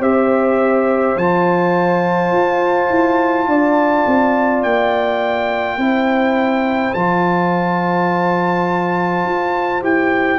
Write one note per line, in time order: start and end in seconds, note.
0.00 1.16 C4
0.00 1.17 G4
0.00 3.46 C5
0.00 1.18 E5
1.16 2.32 F3
1.16 5.79 F4
1.16 4.63 A5
2.32 2.89 F4
2.90 3.47 E4
3.47 4.05 D4
3.47 5.77 D5
4.06 4.63 C4
4.63 5.77 A#3
4.63 6.94 G5
5.77 6.93 C4
5.77 6.95 E4
5.77 10.39 C5
6.94 9.25 F3
6.94 9.82 F4
6.94 9.82 A5
9.25 9.82 F4
9.82 10.39 E4
9.82 10.39 G4
9.82 10.39 G5